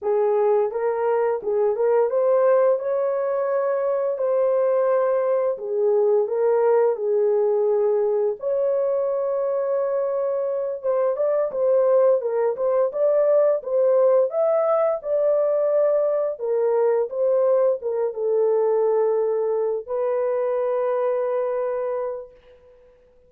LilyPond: \new Staff \with { instrumentName = "horn" } { \time 4/4 \tempo 4 = 86 gis'4 ais'4 gis'8 ais'8 c''4 | cis''2 c''2 | gis'4 ais'4 gis'2 | cis''2.~ cis''8 c''8 |
d''8 c''4 ais'8 c''8 d''4 c''8~ | c''8 e''4 d''2 ais'8~ | ais'8 c''4 ais'8 a'2~ | a'8 b'2.~ b'8 | }